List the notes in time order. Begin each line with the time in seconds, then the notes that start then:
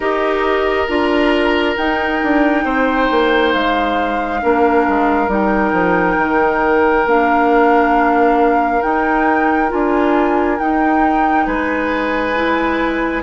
0.00 D#4 G4 A#4 D#5
0.87 D4 F4 A#5
1.76 D#4 G5
2.23 D4
2.64 C4 C5
3.10 A#3
3.53 G#3 F5
4.42 A#3 D4 A#4
4.88 G#3
5.28 G3 D#4 G5
5.72 F3
6.17 D#3
7.05 A#3 D4 F5
8.81 D#4 G5
9.69 D4 F4 G#5
10.58 D#4 G5
11.46 G#3 B4 G#5
12.35 E4